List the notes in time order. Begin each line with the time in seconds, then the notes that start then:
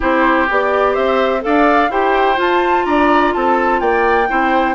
0.00 C4 E4 G4 C5
0.49 B3 G4 D5
0.92 C4 C5 E5
1.40 D4 A4 D5 F5
1.89 E4 G4 C5 G5
2.35 F4 A5
2.85 D4 D5 A#5
3.33 C4 A4 A5
3.79 A#3 D5 G5
4.28 C4 E4 C5